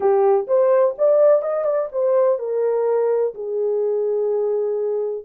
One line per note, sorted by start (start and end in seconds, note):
0.00 0.46 G4
0.47 0.95 C5
0.97 1.42 D5
1.42 1.65 D#5
1.65 1.88 D5
1.92 2.38 C5
2.38 3.34 A#4
3.34 5.24 G#4